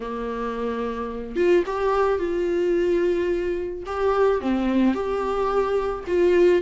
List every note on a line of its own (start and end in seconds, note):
0.00 1.36 A#3
1.36 1.63 F4
1.66 2.18 G4
2.18 3.83 F4
3.86 4.40 G4
4.40 4.94 C4
4.94 6.04 G4
6.07 6.62 F4